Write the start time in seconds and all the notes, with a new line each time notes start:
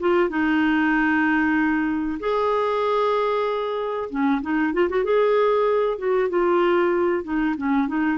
0.00 F4
0.30 D#4
2.20 G#4
4.10 C#4
4.42 D#4
4.73 F4
4.89 F#4
5.04 G#4
5.98 F#4
6.30 F4
7.24 D#4
7.57 C#4
7.88 D#4